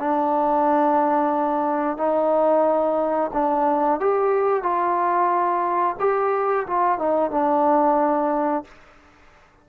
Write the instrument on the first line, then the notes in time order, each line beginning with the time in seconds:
trombone
0.00 D4
1.98 D#4
3.34 D4
4.01 G4
4.63 F4
6.00 G4
6.67 F4
6.99 D#4
7.31 D4